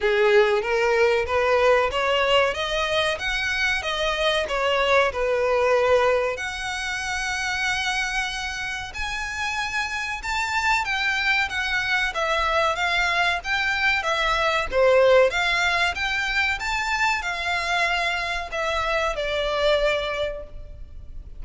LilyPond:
\new Staff \with { instrumentName = "violin" } { \time 4/4 \tempo 4 = 94 gis'4 ais'4 b'4 cis''4 | dis''4 fis''4 dis''4 cis''4 | b'2 fis''2~ | fis''2 gis''2 |
a''4 g''4 fis''4 e''4 | f''4 g''4 e''4 c''4 | f''4 g''4 a''4 f''4~ | f''4 e''4 d''2 | }